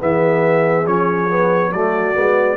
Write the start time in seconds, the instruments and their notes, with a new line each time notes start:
0.00 tuba E3, trombone B3, horn G#4, trumpet E5
0.87 tuba F3, trombone C#4, trumpet C#5
1.30 trombone B3
1.72 tuba F#3, trombone A3, horn F#4, trumpet D5
2.15 tuba G#3, trombone B3